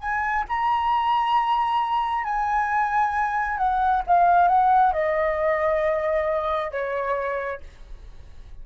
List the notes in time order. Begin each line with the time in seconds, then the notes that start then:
0.00 G#5
0.49 A#5
2.25 G#5
3.58 F#5
4.07 F5
4.48 F#5
4.93 D#5
6.71 C#5